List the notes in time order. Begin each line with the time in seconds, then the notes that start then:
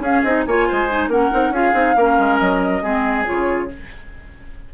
0.00 C#4 G#4 F5
0.08 C#4
0.23 C4 D#4 D#5
0.46 A#3 F4 C#5 G#5
0.68 G#3 C5
0.90 D#4
1.08 A#3 C#4 A#4 F#5
1.32 C4 D#4
1.50 C#4 F4 G#4 F5
1.73 C4 D#4
1.96 A#3 C#4 A#4
2.19 G#3
2.39 F#3 D#5
2.83 G#3 C4 G#4
3.25 C#3 F4 C#5